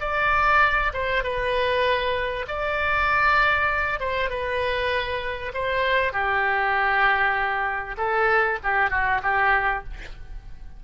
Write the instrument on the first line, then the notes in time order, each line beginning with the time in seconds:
oboe
0.00 D5
0.93 C5
1.23 B4
2.47 D5
3.99 C5
4.30 B4
5.54 C5
6.13 G4
7.97 A4
8.63 G4
8.90 F#4
9.23 G4